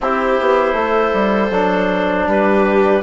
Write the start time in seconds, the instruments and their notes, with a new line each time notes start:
0.00 bassoon C4, trombone E4, viola G4, clarinet C5
0.40 bassoon B3
0.73 bassoon A3, viola A4
1.13 bassoon G3
1.50 bassoon F#3, trombone D4
2.26 bassoon G3, viola G4, clarinet B4